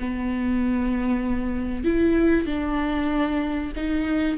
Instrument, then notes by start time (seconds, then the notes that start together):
viola
0.00 B3
1.85 E4
2.47 D4
3.77 D#4